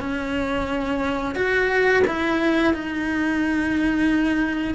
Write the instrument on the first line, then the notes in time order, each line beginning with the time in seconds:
cello
0.00 C#4
1.35 F#4
2.08 E4
2.74 D#4